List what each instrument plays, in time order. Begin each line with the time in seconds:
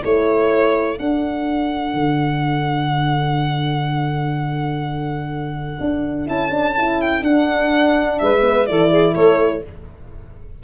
0.00 tuba A3, horn E4, saxophone A4, violin C#5
0.98 horn D4, tuba D4, violin F#5
1.94 tuba D3
5.80 tuba D4
6.26 tuba C#4, horn E4, violin A5
6.51 horn D4
6.77 horn E4
7.01 violin G5
7.22 tuba D4, horn D4, violin F#5
8.19 tuba G#3, saxophone B4, violin E5
8.42 horn B3
8.66 tuba E3, horn E4, saxophone A4, violin D5
8.91 saxophone G#4
9.13 tuba A3, saxophone A4, violin C#5